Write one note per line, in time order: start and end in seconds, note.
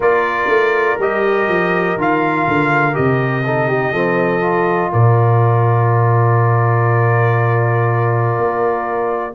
0.00 0.48 A#3
0.00 0.99 F4
0.00 3.44 A#4
0.00 0.99 D5
0.48 0.97 A3
0.99 1.47 G3
0.99 1.98 G4
0.99 1.99 D#5
1.47 1.97 F3
1.97 2.46 D#3
1.97 2.93 F4
1.97 2.95 F5
2.47 2.97 D3
2.93 3.92 C3
2.93 3.42 G4
2.93 4.91 D#5
3.44 3.94 D#4
3.44 3.67 A4
3.67 3.92 G4
3.92 4.90 F3
3.92 4.40 C4
3.92 4.90 A4
4.40 9.32 F4
4.92 8.37 A#2
4.92 9.34 A#4
4.92 9.34 D5
8.37 9.34 A#3